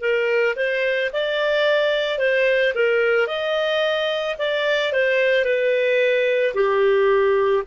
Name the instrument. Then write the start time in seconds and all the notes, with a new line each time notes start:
clarinet
0.00 A#4
0.56 C5
1.13 D5
2.18 C5
2.74 A#4
3.27 D#5
4.38 D5
4.92 C5
5.44 B4
6.54 G4